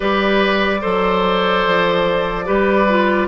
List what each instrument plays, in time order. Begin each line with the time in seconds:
0.00 bassoon G3, clarinet G4, oboe B4, flute D5
0.81 bassoon F#3, clarinet A4, oboe C5
1.66 bassoon F3
2.45 bassoon G3, clarinet G4, oboe B4
2.88 clarinet F4